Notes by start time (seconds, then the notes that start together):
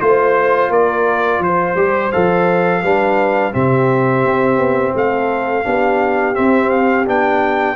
0.00 A3 F4 C5
0.70 A#3 A#4 D5
1.39 F3 C5
1.76 G3 G4
2.12 F3 A4 F5
2.83 G3 D4 B4
3.52 C3 C4 G4 E5
4.25 C4
4.58 B3
4.94 A3 A4 F5
5.64 B3 D4 G4
6.34 C4 E5
6.70 F5
7.06 B3 D4 G5